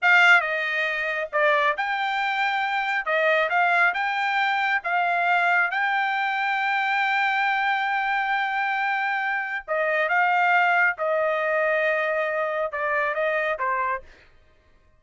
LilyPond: \new Staff \with { instrumentName = "trumpet" } { \time 4/4 \tempo 4 = 137 f''4 dis''2 d''4 | g''2. dis''4 | f''4 g''2 f''4~ | f''4 g''2.~ |
g''1~ | g''2 dis''4 f''4~ | f''4 dis''2.~ | dis''4 d''4 dis''4 c''4 | }